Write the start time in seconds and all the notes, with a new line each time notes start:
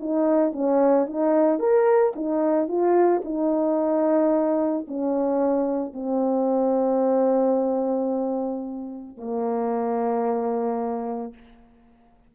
0.00 D#4
0.52 C#4
1.06 D#4
1.59 A#4
2.15 D#4
2.68 F4
3.24 D#4
4.87 C#4
5.93 C4
9.17 A#3